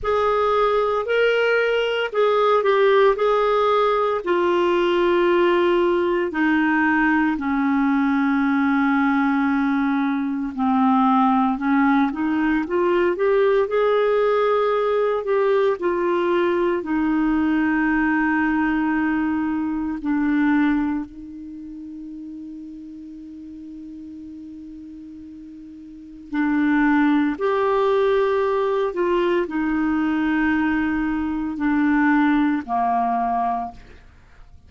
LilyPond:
\new Staff \with { instrumentName = "clarinet" } { \time 4/4 \tempo 4 = 57 gis'4 ais'4 gis'8 g'8 gis'4 | f'2 dis'4 cis'4~ | cis'2 c'4 cis'8 dis'8 | f'8 g'8 gis'4. g'8 f'4 |
dis'2. d'4 | dis'1~ | dis'4 d'4 g'4. f'8 | dis'2 d'4 ais4 | }